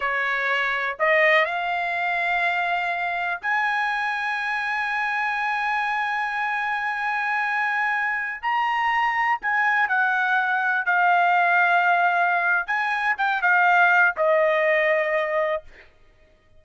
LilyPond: \new Staff \with { instrumentName = "trumpet" } { \time 4/4 \tempo 4 = 123 cis''2 dis''4 f''4~ | f''2. gis''4~ | gis''1~ | gis''1~ |
gis''4~ gis''16 ais''2 gis''8.~ | gis''16 fis''2 f''4.~ f''16~ | f''2 gis''4 g''8 f''8~ | f''4 dis''2. | }